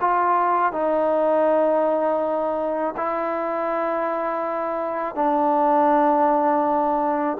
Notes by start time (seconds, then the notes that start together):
0.00 F4
0.72 D#4
2.97 E4
5.15 D4